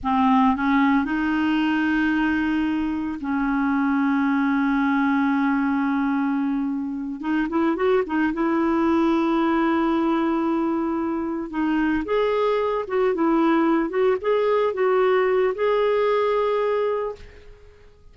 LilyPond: \new Staff \with { instrumentName = "clarinet" } { \time 4/4 \tempo 4 = 112 c'4 cis'4 dis'2~ | dis'2 cis'2~ | cis'1~ | cis'4. dis'8 e'8 fis'8 dis'8 e'8~ |
e'1~ | e'4. dis'4 gis'4. | fis'8 e'4. fis'8 gis'4 fis'8~ | fis'4 gis'2. | }